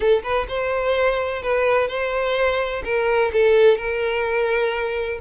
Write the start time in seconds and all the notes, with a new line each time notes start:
0.00 A4
0.23 B4
0.48 C5
1.42 B4
1.88 C5
2.84 A#4
3.32 A4
3.77 A#4